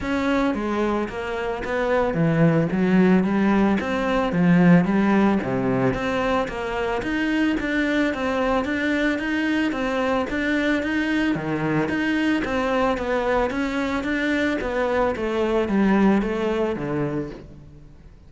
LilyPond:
\new Staff \with { instrumentName = "cello" } { \time 4/4 \tempo 4 = 111 cis'4 gis4 ais4 b4 | e4 fis4 g4 c'4 | f4 g4 c4 c'4 | ais4 dis'4 d'4 c'4 |
d'4 dis'4 c'4 d'4 | dis'4 dis4 dis'4 c'4 | b4 cis'4 d'4 b4 | a4 g4 a4 d4 | }